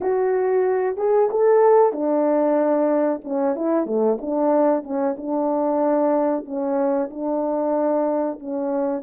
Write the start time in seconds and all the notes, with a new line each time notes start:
0.00 F#4
0.96 G#4
1.30 A4
1.92 D4
3.24 C#4
3.55 E4
3.86 A3
4.21 D4
4.83 C#4
5.17 D4
6.45 C#4
7.10 D4
8.39 C#4